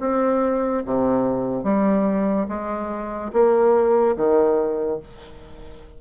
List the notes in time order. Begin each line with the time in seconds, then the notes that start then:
0.00 C4
0.85 C3
1.63 G3
2.48 G#3
3.33 A#3
4.16 D#3